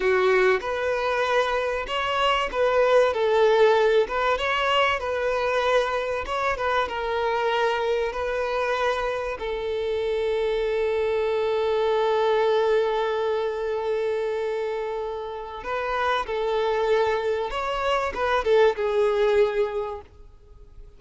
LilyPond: \new Staff \with { instrumentName = "violin" } { \time 4/4 \tempo 4 = 96 fis'4 b'2 cis''4 | b'4 a'4. b'8 cis''4 | b'2 cis''8 b'8 ais'4~ | ais'4 b'2 a'4~ |
a'1~ | a'1~ | a'4 b'4 a'2 | cis''4 b'8 a'8 gis'2 | }